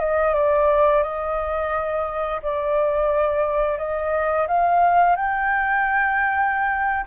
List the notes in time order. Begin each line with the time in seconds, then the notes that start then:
0.00 D#5
0.34 D5
1.03 D#5
2.43 D5
3.78 D#5
4.48 F5
5.16 G5